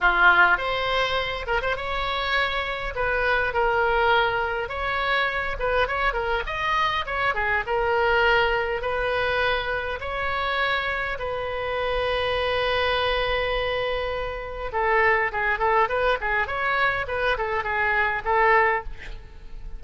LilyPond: \new Staff \with { instrumentName = "oboe" } { \time 4/4 \tempo 4 = 102 f'4 c''4. ais'16 c''16 cis''4~ | cis''4 b'4 ais'2 | cis''4. b'8 cis''8 ais'8 dis''4 | cis''8 gis'8 ais'2 b'4~ |
b'4 cis''2 b'4~ | b'1~ | b'4 a'4 gis'8 a'8 b'8 gis'8 | cis''4 b'8 a'8 gis'4 a'4 | }